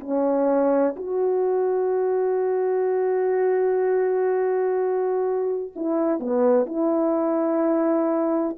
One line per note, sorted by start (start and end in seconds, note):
0.00 0.95 C#4
0.96 5.72 F#4
5.75 6.19 E4
6.19 6.66 B3
6.66 8.56 E4